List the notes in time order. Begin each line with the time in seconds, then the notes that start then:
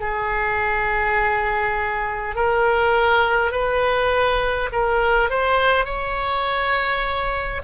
0.00 G#4
2.35 A#4
3.51 B4
4.72 A#4
5.29 C5
5.84 C#5